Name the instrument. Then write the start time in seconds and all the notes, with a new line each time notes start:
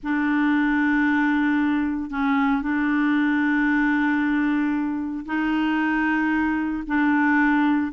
clarinet
0.03 D4
2.10 C#4
2.61 D4
5.25 D#4
6.86 D4